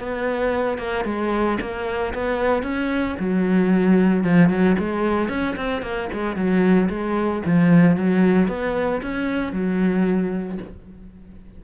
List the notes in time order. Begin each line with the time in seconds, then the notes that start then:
0.00 B3
0.78 A#3
1.05 G#3
1.61 A#3
2.15 B3
2.63 C#4
3.20 F#3
4.24 F3
4.50 F#3
4.79 G#3
5.29 C#4
5.57 C4
5.83 A#3
6.13 G#3
6.36 F#3
6.90 G#3
7.46 F3
7.97 F#3
8.48 B3
9.02 C#4
9.53 F#3